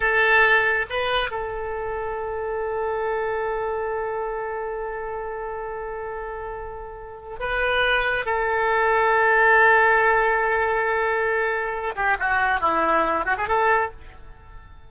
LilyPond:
\new Staff \with { instrumentName = "oboe" } { \time 4/4 \tempo 4 = 138 a'2 b'4 a'4~ | a'1~ | a'1~ | a'1~ |
a'4 b'2 a'4~ | a'1~ | a'2.~ a'8 g'8 | fis'4 e'4. fis'16 gis'16 a'4 | }